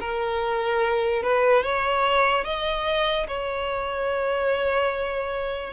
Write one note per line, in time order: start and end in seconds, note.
0.00 1.23 A#4
1.23 1.63 B4
1.63 2.45 C#5
2.45 3.27 D#5
3.28 5.73 C#5